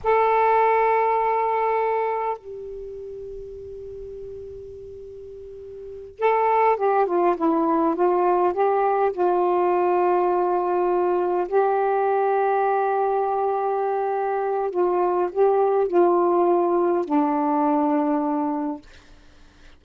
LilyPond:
\new Staff \with { instrumentName = "saxophone" } { \time 4/4 \tempo 4 = 102 a'1 | g'1~ | g'2~ g'8 a'4 g'8 | f'8 e'4 f'4 g'4 f'8~ |
f'2.~ f'8 g'8~ | g'1~ | g'4 f'4 g'4 f'4~ | f'4 d'2. | }